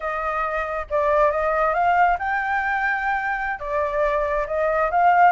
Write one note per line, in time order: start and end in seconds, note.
0.00 0.86 D#5
0.89 1.31 D5
1.31 1.74 D#5
1.74 2.17 F5
2.18 3.59 G5
3.59 4.46 D5
4.47 4.90 D#5
4.90 5.32 F5